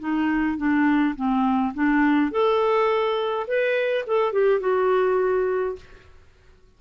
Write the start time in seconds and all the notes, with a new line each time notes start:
0.00 D#4
0.58 D4
1.16 C4
1.74 D4
2.32 A4
3.48 B4
4.07 A4
4.33 G4
4.61 F#4